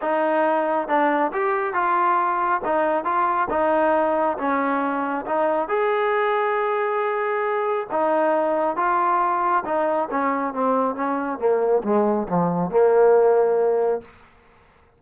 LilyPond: \new Staff \with { instrumentName = "trombone" } { \time 4/4 \tempo 4 = 137 dis'2 d'4 g'4 | f'2 dis'4 f'4 | dis'2 cis'2 | dis'4 gis'2.~ |
gis'2 dis'2 | f'2 dis'4 cis'4 | c'4 cis'4 ais4 gis4 | f4 ais2. | }